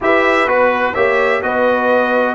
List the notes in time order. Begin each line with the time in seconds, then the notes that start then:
0.00 E4 G4 B4 E5
0.46 B3 F#4 B4
0.94 A#3 G4 C#5 E5
1.42 B3 F#4 B4 D#5